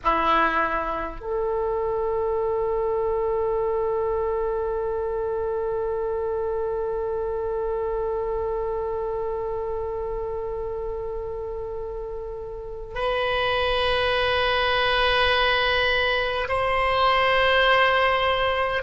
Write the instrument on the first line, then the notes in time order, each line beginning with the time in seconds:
oboe
0.03 E4
1.20 A4
12.94 B4
16.48 C5